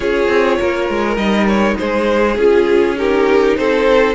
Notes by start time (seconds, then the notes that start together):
0.00 C#4 F4 G#4 C#5
0.28 C4
0.59 A#3 A#4
0.89 G#3
1.16 G3 D#4 D#5
1.47 C#5
1.78 G#3 G#4 C5
2.36 C#4 F4 G#4
2.96 D#4 G4 A#4
3.57 C4 A4 C5